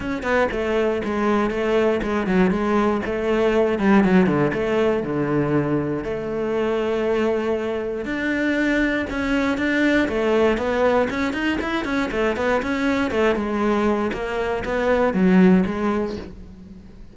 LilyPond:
\new Staff \with { instrumentName = "cello" } { \time 4/4 \tempo 4 = 119 cis'8 b8 a4 gis4 a4 | gis8 fis8 gis4 a4. g8 | fis8 d8 a4 d2 | a1 |
d'2 cis'4 d'4 | a4 b4 cis'8 dis'8 e'8 cis'8 | a8 b8 cis'4 a8 gis4. | ais4 b4 fis4 gis4 | }